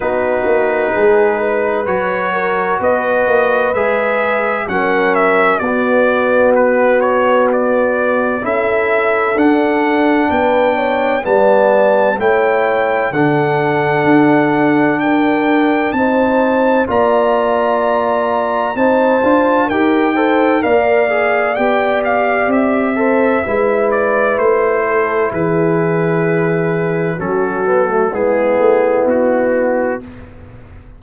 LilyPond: <<
  \new Staff \with { instrumentName = "trumpet" } { \time 4/4 \tempo 4 = 64 b'2 cis''4 dis''4 | e''4 fis''8 e''8 d''4 b'8 cis''8 | d''4 e''4 fis''4 g''4 | a''4 g''4 fis''2 |
g''4 a''4 ais''2 | a''4 g''4 f''4 g''8 f''8 | e''4. d''8 c''4 b'4~ | b'4 a'4 gis'4 fis'4 | }
  \new Staff \with { instrumentName = "horn" } { \time 4/4 fis'4 gis'8 b'4 ais'8 b'4~ | b'4 ais'4 fis'2~ | fis'4 a'2 b'8 cis''8 | d''4 cis''4 a'2 |
ais'4 c''4 d''2 | c''4 ais'8 c''8 d''2~ | d''8 c''8 b'4. a'8 gis'4~ | gis'4 fis'4 e'2 | }
  \new Staff \with { instrumentName = "trombone" } { \time 4/4 dis'2 fis'2 | gis'4 cis'4 b2~ | b4 e'4 d'2 | b4 e'4 d'2~ |
d'4 dis'4 f'2 | dis'8 f'8 g'8 a'8 ais'8 gis'8 g'4~ | g'8 a'8 e'2.~ | e'4 cis'8 b16 a16 b2 | }
  \new Staff \with { instrumentName = "tuba" } { \time 4/4 b8 ais8 gis4 fis4 b8 ais8 | gis4 fis4 b2~ | b4 cis'4 d'4 b4 | g4 a4 d4 d'4~ |
d'4 c'4 ais2 | c'8 d'8 dis'4 ais4 b4 | c'4 gis4 a4 e4~ | e4 fis4 gis8 a8 b4 | }
>>